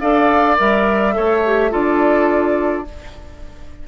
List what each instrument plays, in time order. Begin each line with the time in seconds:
0.00 bassoon D4, clarinet A4, oboe D5, flute F5
0.58 bassoon G3, clarinet A#4, flute E5
1.13 bassoon A3, clarinet A4, oboe C#5
1.46 clarinet G4
1.71 bassoon D4, clarinet F4, oboe A4, flute D5